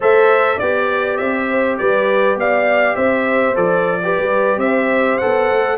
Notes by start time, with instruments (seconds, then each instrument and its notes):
0.00 tuba A3, trombone A4, horn C5, trumpet E5
0.56 tuba B3, trombone G4, horn D5, trumpet D5
1.17 tuba C4, trumpet E5
1.50 horn C5
1.78 tuba G3, horn B4, trumpet D5
2.35 tuba B3, horn D5, trumpet F5
2.96 tuba C4, horn C5, trumpet E5
3.55 tuba F3, trombone A4, trumpet D5
4.03 trombone G4, horn B4
4.18 tuba G3
4.57 tuba C4, horn C5, trumpet E5
5.18 trombone A4, trumpet F#5
5.24 tuba B3
5.50 tuba A3